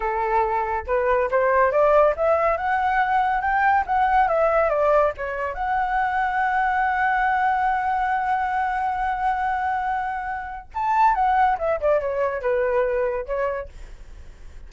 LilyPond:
\new Staff \with { instrumentName = "flute" } { \time 4/4 \tempo 4 = 140 a'2 b'4 c''4 | d''4 e''4 fis''2 | g''4 fis''4 e''4 d''4 | cis''4 fis''2.~ |
fis''1~ | fis''1~ | fis''4 a''4 fis''4 e''8 d''8 | cis''4 b'2 cis''4 | }